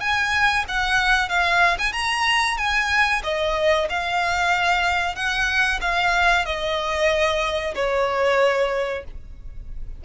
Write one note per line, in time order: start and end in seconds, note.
0.00 0.65 G#5
0.68 1.29 F#5
1.29 1.77 F5
1.78 1.92 G#5
1.92 2.57 A#5
2.57 3.22 G#5
3.23 3.88 D#5
3.89 5.15 F5
5.15 5.79 F#5
5.81 6.45 F5
6.45 7.74 D#5
7.74 9.04 C#5